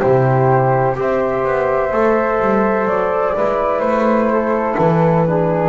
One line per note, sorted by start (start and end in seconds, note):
0.00 0.98 C3
0.00 0.96 E4
0.00 0.95 G4
0.00 0.96 C5
0.96 1.45 C4
0.96 1.91 G4
0.96 3.36 C5
0.96 2.87 E5
1.45 1.92 B3
1.92 2.40 A3
1.92 3.35 A4
2.40 2.86 G3
2.86 3.33 F#3
2.86 3.80 D5
3.36 3.80 G#3
3.36 5.27 E4
3.36 4.32 B4
3.80 4.75 A3
3.80 4.75 C5
4.32 5.28 A4
4.78 5.69 E3
4.78 5.69 B4
5.27 5.69 D4
5.27 5.69 G#4